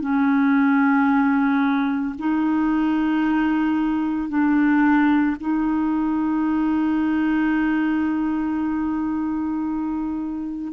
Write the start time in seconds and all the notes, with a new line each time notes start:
0.00 C#4
2.19 D#4
4.29 D4
5.40 D#4